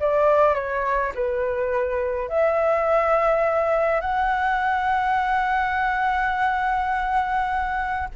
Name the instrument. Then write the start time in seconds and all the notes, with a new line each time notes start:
flute
0.00 D5
0.55 C#5
1.15 B4
2.29 E5
4.01 F#5